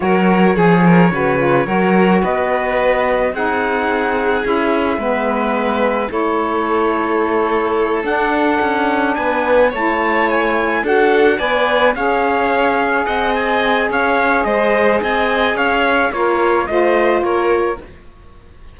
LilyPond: <<
  \new Staff \with { instrumentName = "trumpet" } { \time 4/4 \tempo 4 = 108 cis''1 | dis''2 fis''2 | e''2. cis''4~ | cis''2~ cis''8 fis''4.~ |
fis''8 gis''4 a''4 gis''4 fis''8~ | fis''8 gis''4 f''2 fis''8 | gis''4 f''4 dis''4 gis''4 | f''4 cis''4 dis''4 cis''4 | }
  \new Staff \with { instrumentName = "violin" } { \time 4/4 ais'4 gis'8 ais'8 b'4 ais'4 | b'2 gis'2~ | gis'4 b'2 a'4~ | a'1~ |
a'8 b'4 cis''2 a'8~ | a'8 d''4 cis''2 dis''8~ | dis''4 cis''4 c''4 dis''4 | cis''4 f'4 c''4 ais'4 | }
  \new Staff \with { instrumentName = "saxophone" } { \time 4/4 fis'4 gis'4 fis'8 f'8 fis'4~ | fis'2 dis'2 | e'4 b2 e'4~ | e'2~ e'8 d'4.~ |
d'4. e'2 fis'8~ | fis'8 b'4 gis'2~ gis'8~ | gis'1~ | gis'4 ais'4 f'2 | }
  \new Staff \with { instrumentName = "cello" } { \time 4/4 fis4 f4 cis4 fis4 | b2 c'2 | cis'4 gis2 a4~ | a2~ a8 d'4 cis'8~ |
cis'8 b4 a2 d'8~ | d'8 b4 cis'2 c'8~ | c'4 cis'4 gis4 c'4 | cis'4 ais4 a4 ais4 | }
>>